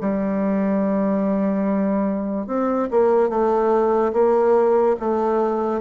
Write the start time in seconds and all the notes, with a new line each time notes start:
0.00 G3
2.47 C4
2.91 A#3
3.29 A3
4.12 A#3
5.00 A3